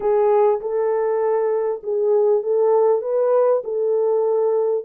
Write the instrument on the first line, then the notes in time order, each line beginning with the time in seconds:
horn
0.00 G#4
0.60 A4
1.83 G#4
2.42 A4
3.01 B4
3.64 A4